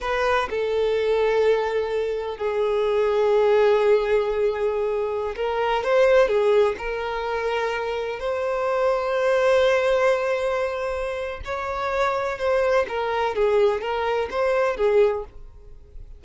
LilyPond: \new Staff \with { instrumentName = "violin" } { \time 4/4 \tempo 4 = 126 b'4 a'2.~ | a'4 gis'2.~ | gis'2.~ gis'16 ais'8.~ | ais'16 c''4 gis'4 ais'4.~ ais'16~ |
ais'4~ ais'16 c''2~ c''8.~ | c''1 | cis''2 c''4 ais'4 | gis'4 ais'4 c''4 gis'4 | }